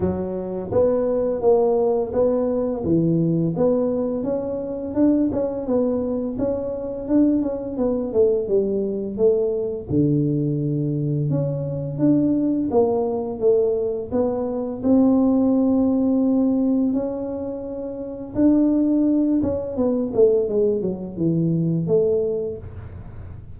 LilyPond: \new Staff \with { instrumentName = "tuba" } { \time 4/4 \tempo 4 = 85 fis4 b4 ais4 b4 | e4 b4 cis'4 d'8 cis'8 | b4 cis'4 d'8 cis'8 b8 a8 | g4 a4 d2 |
cis'4 d'4 ais4 a4 | b4 c'2. | cis'2 d'4. cis'8 | b8 a8 gis8 fis8 e4 a4 | }